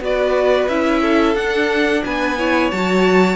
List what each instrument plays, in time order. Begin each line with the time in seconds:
0.00 cello B3, viola F#4, violin B4 D5
0.69 cello C#4, viola E4, violin E5
1.02 violin A4
1.35 viola D4, cello D4, violin F#5
2.05 cello B3, violin B4 G#5
2.38 viola E4, violin C#5
2.71 cello F#3, viola F#4, violin A5